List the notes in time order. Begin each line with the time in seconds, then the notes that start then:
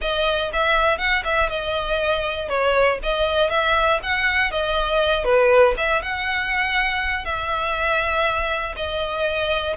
0.01 D#5
0.53 E5
0.98 F#5
1.24 E5
1.49 D#5
2.48 C#5
3.02 D#5
3.50 E5
4.02 F#5
4.51 D#5
5.24 B4
5.77 E5
6.01 F#5
7.24 E5
8.76 D#5